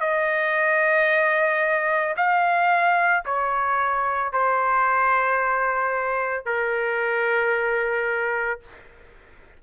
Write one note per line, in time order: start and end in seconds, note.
0.00 2.15 D#5
2.17 3.24 F5
3.25 4.32 C#5
4.33 6.46 C5
6.46 8.60 A#4